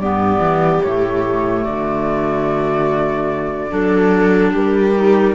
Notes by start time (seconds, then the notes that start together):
0.00 G2 B3 G4 D5
0.39 E3
0.83 A2 A3 C#5
1.64 D3 F#4 D5
3.70 F#3 D4 A4
4.52 G3 G4 A#4
4.96 D#4